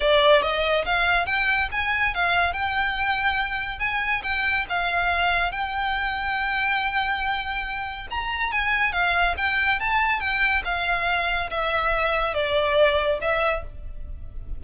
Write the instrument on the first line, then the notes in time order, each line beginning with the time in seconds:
violin
0.00 D5
0.42 D#5
0.85 F5
1.26 G5
1.71 G#5
2.14 F5
2.53 G5
3.79 G#5
4.23 G5
4.69 F5
5.51 G5
8.10 A#5
8.51 G#5
8.92 F5
9.37 G5
9.80 A5
10.19 G5
10.64 F5
11.50 E5
12.33 D5
13.21 E5